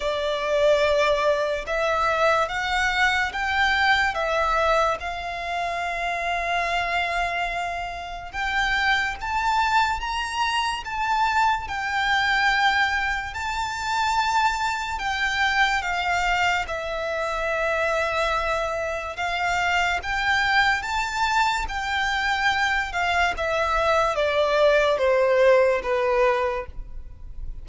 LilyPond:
\new Staff \with { instrumentName = "violin" } { \time 4/4 \tempo 4 = 72 d''2 e''4 fis''4 | g''4 e''4 f''2~ | f''2 g''4 a''4 | ais''4 a''4 g''2 |
a''2 g''4 f''4 | e''2. f''4 | g''4 a''4 g''4. f''8 | e''4 d''4 c''4 b'4 | }